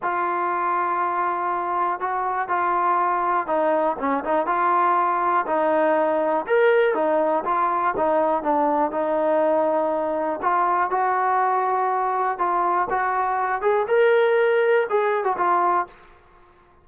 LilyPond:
\new Staff \with { instrumentName = "trombone" } { \time 4/4 \tempo 4 = 121 f'1 | fis'4 f'2 dis'4 | cis'8 dis'8 f'2 dis'4~ | dis'4 ais'4 dis'4 f'4 |
dis'4 d'4 dis'2~ | dis'4 f'4 fis'2~ | fis'4 f'4 fis'4. gis'8 | ais'2 gis'8. fis'16 f'4 | }